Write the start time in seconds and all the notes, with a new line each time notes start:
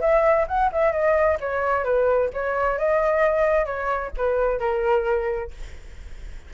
0.00 E5
0.47 F#5
0.72 E5
0.92 D#5
1.40 C#5
1.84 B4
2.33 C#5
2.78 D#5
3.65 C#5
4.17 B4
4.59 A#4